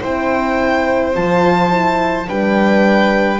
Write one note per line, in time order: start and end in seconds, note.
0.00 1.16 C4
0.00 1.13 E4
0.00 2.27 C5
0.00 1.16 G5
1.13 2.29 F3
1.13 1.69 F4
1.13 2.29 A5
1.69 2.25 E4
2.27 3.40 G3
2.27 3.40 D4
2.27 3.40 B4
2.27 3.40 G5